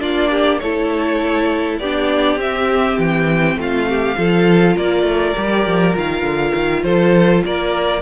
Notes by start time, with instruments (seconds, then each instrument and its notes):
0.00 cello A#3, viola D4, violin F4 D5
0.30 violin G4
0.59 cello A3, viola E4, violin A4 C#5
1.79 cello B3, viola D4, violin G4 D5
2.36 cello C4, viola C4, violin E5
2.98 cello E3, violin G5
3.56 cello A3, violin F4 F5
3.89 violin G4
4.16 cello F3, viola F4, violin A4
4.76 cello A#3, violin A#4 D5
5.03 cello A3
5.36 cello G3, viola G4
5.66 cello F3
5.92 cello D#3, viola F4
5.98 violin F5
6.22 cello D3
6.54 cello D#3
6.83 cello F3, violin A4 C5
7.45 cello A#3, violin A#4 D5